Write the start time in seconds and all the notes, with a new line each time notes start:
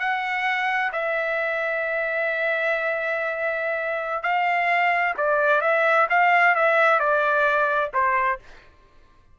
0.00 F#5
0.92 E5
4.23 F5
5.18 D5
5.61 E5
6.10 F5
6.55 E5
7.00 D5
7.94 C5